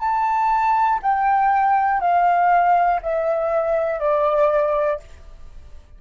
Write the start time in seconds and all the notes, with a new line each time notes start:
0.00 A5
1.03 G5
2.00 F5
3.03 E5
4.00 D5